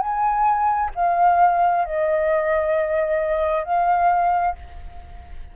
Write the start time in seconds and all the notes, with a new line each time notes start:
0.00 G#5
0.95 F5
1.85 D#5
3.64 F5